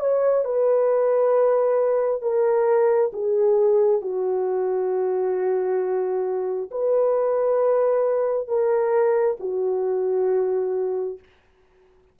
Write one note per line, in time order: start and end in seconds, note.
0.00 0.45 C#5
0.45 2.22 B4
2.22 3.11 A#4
3.13 4.02 G#4
4.02 6.70 F#4
6.71 8.48 B4
8.48 9.37 A#4
9.40 11.19 F#4